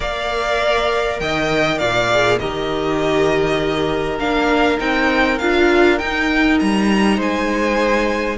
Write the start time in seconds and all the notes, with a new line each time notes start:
0.00 A#3 A#4 D5 F5
1.19 D#3 D#5 G5
1.78 A#2 D5 F5
2.11 G#4
2.39 D#3 G4 A#4 D#5
4.18 A#3 D4 F5
4.78 C4 D#4 G5
5.38 D4 F4 F5
5.98 D#4 G5
6.59 G3 A#5
7.16 G#3 C5 G#5